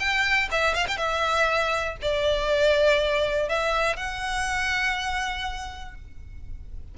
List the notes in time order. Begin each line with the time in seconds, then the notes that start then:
0.00 G5
0.52 E5
0.75 F5
0.89 G5
0.98 E5
2.02 D5
3.49 E5
3.97 F#5